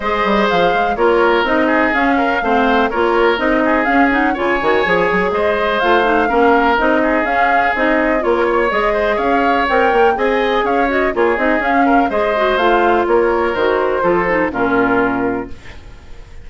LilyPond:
<<
  \new Staff \with { instrumentName = "flute" } { \time 4/4 \tempo 4 = 124 dis''4 f''4 cis''4 dis''4 | f''2 cis''4 dis''4 | f''8 fis''8 gis''2 dis''4 | f''2 dis''4 f''4 |
dis''4 cis''4 dis''4 f''4 | g''4 gis''4 f''8 dis''8 cis''8 dis''8 | f''4 dis''4 f''4 cis''4 | c''2 ais'2 | }
  \new Staff \with { instrumentName = "oboe" } { \time 4/4 c''2 ais'4. gis'8~ | gis'8 ais'8 c''4 ais'4. gis'8~ | gis'4 cis''2 c''4~ | c''4 ais'4. gis'4.~ |
gis'4 ais'8 cis''4 c''8 cis''4~ | cis''4 dis''4 cis''4 gis'4~ | gis'8 ais'8 c''2 ais'4~ | ais'4 a'4 f'2 | }
  \new Staff \with { instrumentName = "clarinet" } { \time 4/4 gis'2 f'4 dis'4 | cis'4 c'4 f'4 dis'4 | cis'8 dis'8 f'8 fis'8 gis'2 | f'8 dis'8 cis'4 dis'4 cis'4 |
dis'4 f'4 gis'2 | ais'4 gis'4. fis'8 f'8 dis'8 | cis'4 gis'8 fis'8 f'2 | fis'4 f'8 dis'8 cis'2 | }
  \new Staff \with { instrumentName = "bassoon" } { \time 4/4 gis8 g8 f8 gis8 ais4 c'4 | cis'4 a4 ais4 c'4 | cis'4 cis8 dis8 f8 fis8 gis4 | a4 ais4 c'4 cis'4 |
c'4 ais4 gis4 cis'4 | c'8 ais8 c'4 cis'4 ais8 c'8 | cis'4 gis4 a4 ais4 | dis4 f4 ais,2 | }
>>